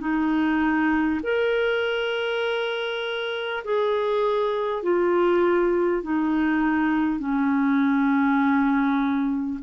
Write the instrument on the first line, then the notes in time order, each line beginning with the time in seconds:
clarinet
0.00 D#4
1.23 A#4
3.64 G#4
4.83 F4
6.03 D#4
7.19 C#4